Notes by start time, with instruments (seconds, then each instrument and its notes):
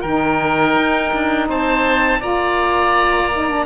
0.00 cello D#3, saxophone D#4, oboe A#4 G5
0.75 cello D#4
1.13 cello D4
1.48 cello C4, oboe C5 A5
2.20 cello A#3, saxophone F4, oboe D5 A#5
3.32 saxophone D#4
3.48 saxophone D4